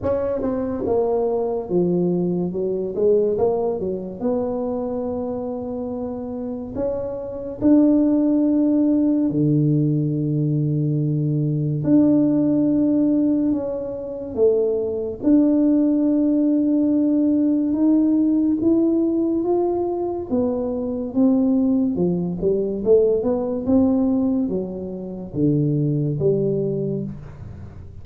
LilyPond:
\new Staff \with { instrumentName = "tuba" } { \time 4/4 \tempo 4 = 71 cis'8 c'8 ais4 f4 fis8 gis8 | ais8 fis8 b2. | cis'4 d'2 d4~ | d2 d'2 |
cis'4 a4 d'2~ | d'4 dis'4 e'4 f'4 | b4 c'4 f8 g8 a8 b8 | c'4 fis4 d4 g4 | }